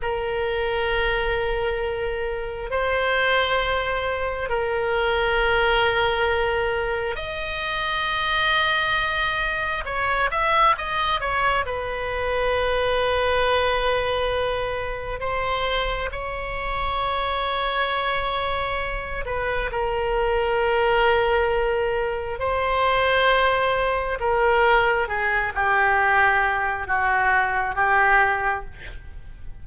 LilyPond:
\new Staff \with { instrumentName = "oboe" } { \time 4/4 \tempo 4 = 67 ais'2. c''4~ | c''4 ais'2. | dis''2. cis''8 e''8 | dis''8 cis''8 b'2.~ |
b'4 c''4 cis''2~ | cis''4. b'8 ais'2~ | ais'4 c''2 ais'4 | gis'8 g'4. fis'4 g'4 | }